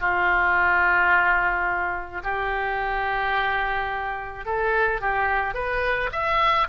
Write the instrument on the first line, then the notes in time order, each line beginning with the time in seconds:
oboe
0.00 F4
2.23 G4
4.45 A4
5.01 G4
5.54 B4
6.12 E5